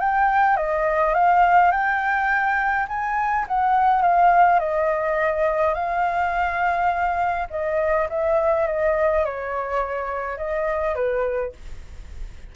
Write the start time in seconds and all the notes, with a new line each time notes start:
0.00 G5
0.57 D#5
1.14 F5
1.72 G5
2.88 G#5
3.48 F#5
4.02 F5
4.59 D#5
5.75 F5
7.51 D#5
8.10 E5
8.67 D#5
9.25 C#5
10.38 D#5
10.95 B4